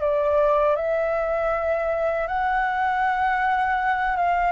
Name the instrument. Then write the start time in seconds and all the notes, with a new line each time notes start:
flute
0.00 D5
0.76 E5
2.27 F#5
4.16 F5